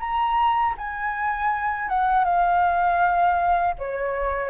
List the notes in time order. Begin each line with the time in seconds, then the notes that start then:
0.00 A#5
0.78 G#5
1.89 F#5
2.25 F5
3.78 C#5